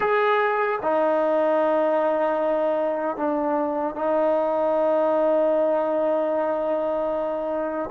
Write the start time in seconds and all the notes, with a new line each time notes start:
0.00 G#4
0.82 D#4
3.17 D4
3.95 D#4